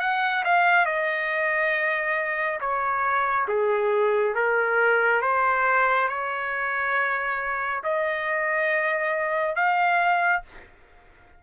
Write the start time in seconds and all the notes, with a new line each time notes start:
0.00 F#5
0.45 F5
0.86 D#5
2.60 C#5
3.48 G#4
4.35 A#4
5.22 C5
6.09 C#5
7.83 D#5
9.56 F5